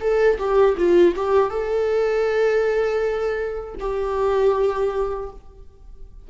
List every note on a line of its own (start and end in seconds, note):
0.00 0.38 A4
0.38 0.75 G4
0.77 1.15 F4
1.15 1.49 G4
1.49 3.74 A4
3.79 5.29 G4